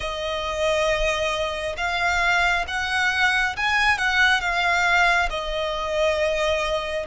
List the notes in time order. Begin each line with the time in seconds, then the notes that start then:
0.00 D#5
1.76 F5
2.67 F#5
3.56 G#5
3.97 F#5
4.40 F5
5.29 D#5